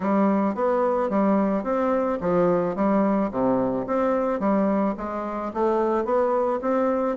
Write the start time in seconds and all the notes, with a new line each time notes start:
0.00 G3
0.55 B3
1.09 G3
1.63 C4
2.20 F3
2.75 G3
3.31 C3
3.86 C4
4.39 G3
4.97 G#3
5.53 A3
6.05 B3
6.61 C4